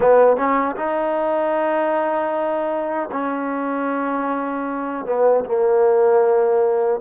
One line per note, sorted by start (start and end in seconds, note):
0.00 0.36 B3
0.36 0.75 C#4
0.75 3.09 D#4
3.11 5.05 C#4
5.05 5.44 B3
5.44 7.00 A#3